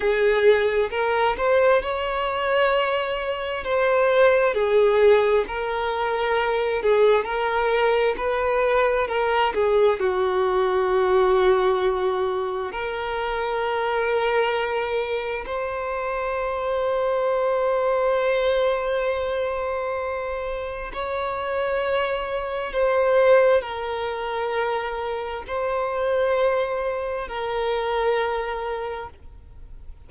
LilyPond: \new Staff \with { instrumentName = "violin" } { \time 4/4 \tempo 4 = 66 gis'4 ais'8 c''8 cis''2 | c''4 gis'4 ais'4. gis'8 | ais'4 b'4 ais'8 gis'8 fis'4~ | fis'2 ais'2~ |
ais'4 c''2.~ | c''2. cis''4~ | cis''4 c''4 ais'2 | c''2 ais'2 | }